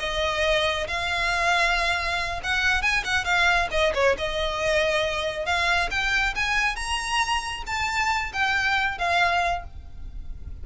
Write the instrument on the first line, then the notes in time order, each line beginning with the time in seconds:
violin
0.00 D#5
0.88 F5
2.44 F#5
2.82 G#5
3.05 F#5
3.25 F5
3.72 D#5
3.95 C#5
4.18 D#5
5.46 F5
5.91 G5
6.36 G#5
6.76 A#5
7.67 A5
8.33 G5
8.99 F5